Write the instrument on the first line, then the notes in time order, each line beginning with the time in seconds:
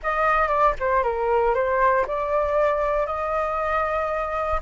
flute
0.02 D#5
0.48 D5
0.79 C5
1.03 A#4
1.54 C5
2.07 D5
3.06 D#5